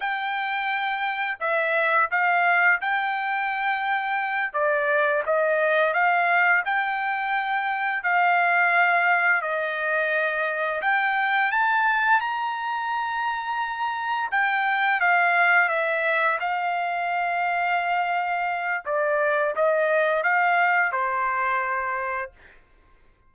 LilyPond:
\new Staff \with { instrumentName = "trumpet" } { \time 4/4 \tempo 4 = 86 g''2 e''4 f''4 | g''2~ g''8 d''4 dis''8~ | dis''8 f''4 g''2 f''8~ | f''4. dis''2 g''8~ |
g''8 a''4 ais''2~ ais''8~ | ais''8 g''4 f''4 e''4 f''8~ | f''2. d''4 | dis''4 f''4 c''2 | }